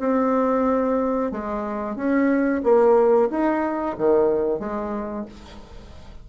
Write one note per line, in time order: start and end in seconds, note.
0.00 1.32 C4
1.32 1.96 G#3
1.96 2.62 C#4
2.64 3.30 A#3
3.31 3.97 D#4
3.98 4.60 D#3
4.60 5.26 G#3